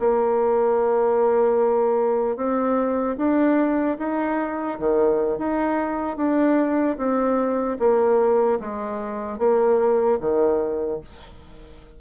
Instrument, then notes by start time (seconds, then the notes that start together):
bassoon
0.00 A#3
2.37 C4
3.18 D4
3.99 D#4
4.80 D#3
5.39 D#4
6.17 D4
6.98 C4
7.80 A#3
8.61 G#3
9.39 A#3
10.21 D#3